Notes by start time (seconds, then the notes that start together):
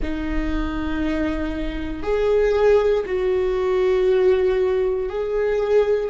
0.02 D#4
2.02 G#4
3.05 F#4
5.08 G#4